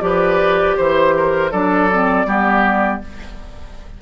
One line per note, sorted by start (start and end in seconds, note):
0.00 0.76 F3
0.00 1.50 G4
0.00 0.76 B4
0.00 0.76 D5
0.76 1.52 E3
0.76 1.14 C5
0.76 1.51 C5
1.16 1.51 A#4
1.51 2.25 F#3
1.51 1.90 D4
1.51 2.26 A4
1.51 3.01 D5
1.91 2.26 C4
2.25 3.00 G3
2.25 3.01 B3
2.25 3.02 G4